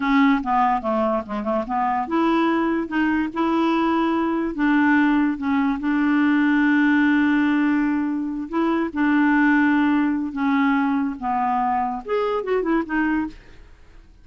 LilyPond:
\new Staff \with { instrumentName = "clarinet" } { \time 4/4 \tempo 4 = 145 cis'4 b4 a4 gis8 a8 | b4 e'2 dis'4 | e'2. d'4~ | d'4 cis'4 d'2~ |
d'1~ | d'8 e'4 d'2~ d'8~ | d'4 cis'2 b4~ | b4 gis'4 fis'8 e'8 dis'4 | }